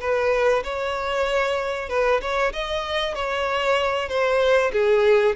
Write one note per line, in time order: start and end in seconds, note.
0.00 0.63 B4
0.63 1.89 C#5
1.89 2.20 B4
2.21 2.52 C#5
2.53 3.15 D#5
3.15 4.09 C#5
4.09 4.72 C5
4.72 5.35 G#4